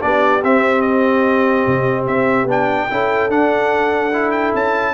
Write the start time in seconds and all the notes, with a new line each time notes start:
0.00 B3 D4 G4 D5
0.43 C4 E5
0.81 D#5
1.67 C3
2.06 C4 E5
2.44 B3 D4
2.51 G5
2.90 C#4 E4 A4
3.29 D4 F#5
4.13 E4
4.31 G5
4.54 C#4 A5